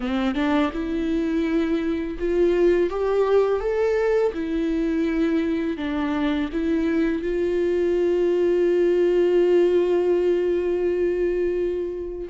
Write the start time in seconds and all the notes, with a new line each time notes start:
0.00 C4
0.34 D4
0.73 E4
2.18 F4
2.89 G4
3.60 A4
4.33 E4
5.77 D4
6.52 E4
7.22 F4